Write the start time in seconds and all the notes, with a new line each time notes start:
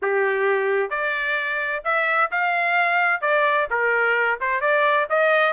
0.02 G4
0.90 D5
1.84 E5
2.31 F5
3.21 D5
3.70 A#4
4.40 C5
4.60 D5
5.09 D#5